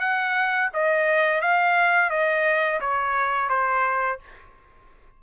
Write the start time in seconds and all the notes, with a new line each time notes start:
0.00 F#5
0.73 D#5
1.41 F5
2.10 D#5
2.80 C#5
3.49 C5